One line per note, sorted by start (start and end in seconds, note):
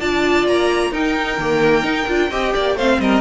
0.00 0.47 D4
0.00 0.93 F4
0.00 0.92 D5
0.00 0.47 A5
0.47 0.91 A#3
0.47 0.94 A#5
0.91 1.37 D#4
0.91 1.39 D#4
0.91 2.30 A#4
0.91 2.78 G5
1.38 1.83 D#3
1.38 1.84 A#3
1.83 2.06 D#4
1.83 2.07 D#4
2.08 2.31 D4
2.08 2.31 F4
2.30 2.54 C4
2.30 2.78 G4
2.30 2.53 D#5
2.55 2.76 A#3
2.55 2.77 D5
2.76 2.99 A3
2.76 3.22 C4
2.76 3.00 C5
2.76 3.01 F5
2.99 3.22 G3
2.99 3.22 A#4
2.99 3.22 D#5